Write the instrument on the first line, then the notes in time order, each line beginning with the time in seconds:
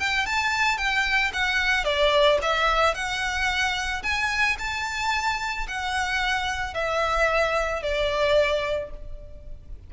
violin
0.00 G5
0.27 A5
0.78 G5
1.34 F#5
1.85 D5
2.42 E5
2.95 F#5
4.03 G#5
4.59 A5
5.68 F#5
6.75 E5
7.83 D5